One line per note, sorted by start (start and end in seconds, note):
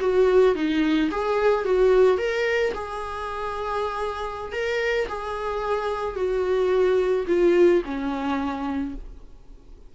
0.00 0.55 F#4
0.55 1.10 D#4
1.11 1.65 G#4
1.65 2.18 F#4
2.18 2.73 A#4
2.74 4.52 G#4
4.52 5.07 A#4
5.08 6.16 G#4
6.16 7.26 F#4
7.27 7.82 F4
7.85 8.95 C#4